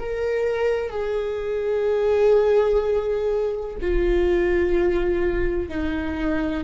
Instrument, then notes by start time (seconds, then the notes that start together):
viola
0.00 A#4
0.90 G#4
3.81 F4
5.69 D#4